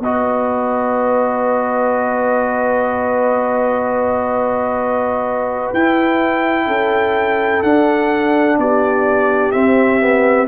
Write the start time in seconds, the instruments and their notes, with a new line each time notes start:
0.00 tuba B3, trombone F#4, horn B4, trumpet D#5
5.73 tuba E4, trombone E4, trumpet G5
6.67 tuba C#4, horn A4
7.63 tuba D4, trombone D4, trumpet F#5
8.58 tuba B3, horn G4, trumpet D5
9.52 trombone C4, tuba C4, trumpet E5
10.00 trombone B3